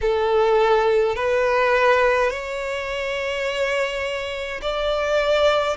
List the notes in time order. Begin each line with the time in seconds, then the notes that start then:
0.01 A4
1.15 B4
2.30 C#5
4.61 D5